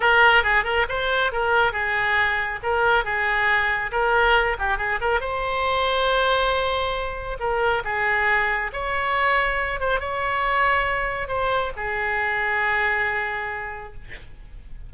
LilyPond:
\new Staff \with { instrumentName = "oboe" } { \time 4/4 \tempo 4 = 138 ais'4 gis'8 ais'8 c''4 ais'4 | gis'2 ais'4 gis'4~ | gis'4 ais'4. g'8 gis'8 ais'8 | c''1~ |
c''4 ais'4 gis'2 | cis''2~ cis''8 c''8 cis''4~ | cis''2 c''4 gis'4~ | gis'1 | }